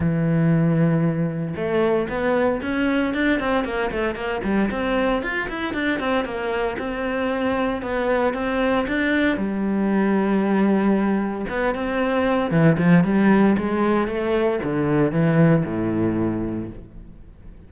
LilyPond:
\new Staff \with { instrumentName = "cello" } { \time 4/4 \tempo 4 = 115 e2. a4 | b4 cis'4 d'8 c'8 ais8 a8 | ais8 g8 c'4 f'8 e'8 d'8 c'8 | ais4 c'2 b4 |
c'4 d'4 g2~ | g2 b8 c'4. | e8 f8 g4 gis4 a4 | d4 e4 a,2 | }